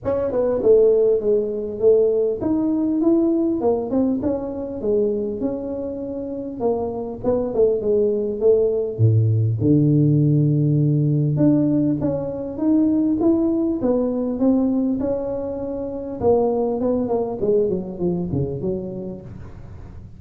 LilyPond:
\new Staff \with { instrumentName = "tuba" } { \time 4/4 \tempo 4 = 100 cis'8 b8 a4 gis4 a4 | dis'4 e'4 ais8 c'8 cis'4 | gis4 cis'2 ais4 | b8 a8 gis4 a4 a,4 |
d2. d'4 | cis'4 dis'4 e'4 b4 | c'4 cis'2 ais4 | b8 ais8 gis8 fis8 f8 cis8 fis4 | }